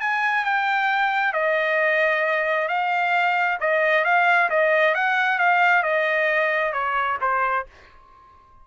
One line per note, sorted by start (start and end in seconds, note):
0.00 0.45 G#5
0.45 1.33 G5
1.33 2.68 D#5
2.68 3.58 F5
3.60 4.04 D#5
4.04 4.49 F5
4.49 4.94 D#5
4.94 5.38 F#5
5.38 5.83 F5
5.83 6.72 D#5
6.72 7.17 C#5
7.21 7.66 C5